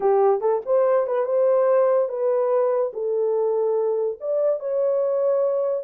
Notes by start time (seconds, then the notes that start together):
0.00 G4
0.40 A4
0.65 C5
1.07 B4
1.25 C5
2.08 B4
2.93 A4
4.20 D5
4.59 C#5